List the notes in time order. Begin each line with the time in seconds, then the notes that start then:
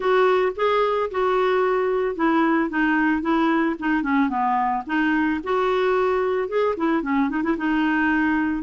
0.00 F#4
0.56 G#4
1.10 F#4
2.15 E4
2.69 D#4
3.21 E4
3.79 D#4
4.03 C#4
4.29 B3
4.86 D#4
5.43 F#4
6.48 G#4
6.77 E4
7.02 C#4
7.29 D#4
7.43 E4
7.57 D#4